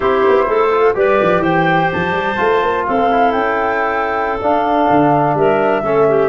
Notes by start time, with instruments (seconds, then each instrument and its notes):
0.00 tuba C4, trombone E4, clarinet G4, flute C5
0.28 tuba B3
0.47 tuba A3, clarinet A4
0.71 trombone F4
0.94 tuba G3, trombone G4, clarinet B4, flute D5
1.21 tuba F3
1.39 tuba E3, clarinet C5, flute G5
1.92 tuba F3, flute A5
2.11 tuba G3
2.36 tuba A3, trombone F4
2.62 tuba A#3
2.86 tuba C4, clarinet A4, flute F5
2.97 trombone C4
3.11 trombone E4
3.31 tuba C#4, flute G5
4.41 tuba D4, trombone D4, flute F5
4.89 tuba D3
5.34 tuba G3, clarinet A#4, flute E5
5.82 tuba A3, trombone C#4, clarinet A4
6.08 clarinet G4